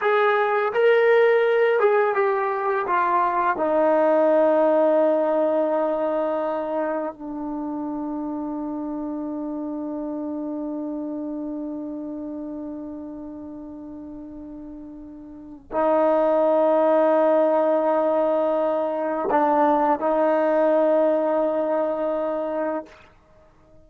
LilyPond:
\new Staff \with { instrumentName = "trombone" } { \time 4/4 \tempo 4 = 84 gis'4 ais'4. gis'8 g'4 | f'4 dis'2.~ | dis'2 d'2~ | d'1~ |
d'1~ | d'2 dis'2~ | dis'2. d'4 | dis'1 | }